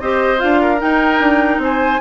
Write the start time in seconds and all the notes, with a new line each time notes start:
0.00 C4 G4 C5 D#5
0.38 D4 F4 F5
0.61 A#4
0.79 D#4 G5
1.20 D4
1.58 C4 C5 G#5